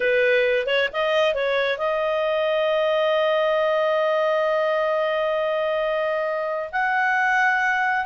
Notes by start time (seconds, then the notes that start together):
0.00 B4
0.66 C#5
0.92 D#5
1.34 C#5
1.77 D#5
6.72 F#5